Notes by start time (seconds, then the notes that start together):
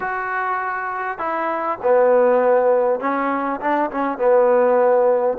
0.00 F#4
1.18 E4
1.82 B3
3.00 C#4
3.60 D4
3.91 C#4
4.18 B3